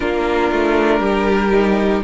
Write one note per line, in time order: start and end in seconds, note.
0.00 0.51 A#3
0.00 1.51 D4
0.00 1.00 F4
0.00 2.03 A#4
0.51 1.00 A3
1.00 2.01 G3
1.00 2.01 G4
1.51 2.02 D#4